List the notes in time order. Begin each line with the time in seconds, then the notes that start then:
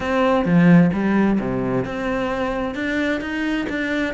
0.00 C4
0.45 F3
0.93 G3
1.39 C3
1.84 C4
2.75 D4
3.20 D#4
3.69 D4